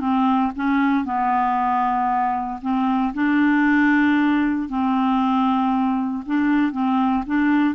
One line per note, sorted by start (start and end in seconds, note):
0.00 0.52 C4
0.55 1.04 C#4
1.04 2.60 B3
2.61 3.13 C4
3.14 4.68 D4
4.68 6.24 C4
6.26 6.72 D4
6.72 7.24 C4
7.26 7.74 D4